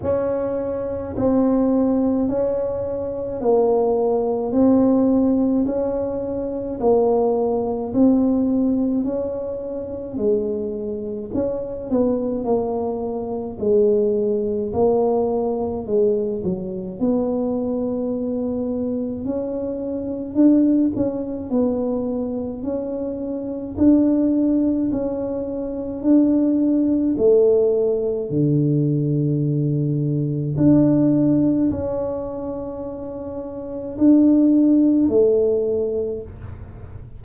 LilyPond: \new Staff \with { instrumentName = "tuba" } { \time 4/4 \tempo 4 = 53 cis'4 c'4 cis'4 ais4 | c'4 cis'4 ais4 c'4 | cis'4 gis4 cis'8 b8 ais4 | gis4 ais4 gis8 fis8 b4~ |
b4 cis'4 d'8 cis'8 b4 | cis'4 d'4 cis'4 d'4 | a4 d2 d'4 | cis'2 d'4 a4 | }